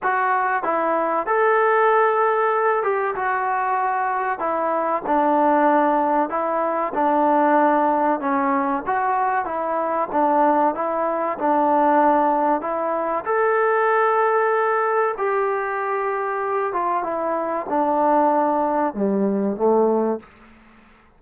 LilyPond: \new Staff \with { instrumentName = "trombone" } { \time 4/4 \tempo 4 = 95 fis'4 e'4 a'2~ | a'8 g'8 fis'2 e'4 | d'2 e'4 d'4~ | d'4 cis'4 fis'4 e'4 |
d'4 e'4 d'2 | e'4 a'2. | g'2~ g'8 f'8 e'4 | d'2 g4 a4 | }